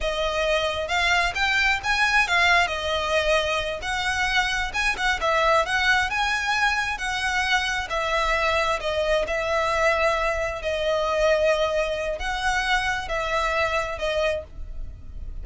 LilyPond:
\new Staff \with { instrumentName = "violin" } { \time 4/4 \tempo 4 = 133 dis''2 f''4 g''4 | gis''4 f''4 dis''2~ | dis''8 fis''2 gis''8 fis''8 e''8~ | e''8 fis''4 gis''2 fis''8~ |
fis''4. e''2 dis''8~ | dis''8 e''2. dis''8~ | dis''2. fis''4~ | fis''4 e''2 dis''4 | }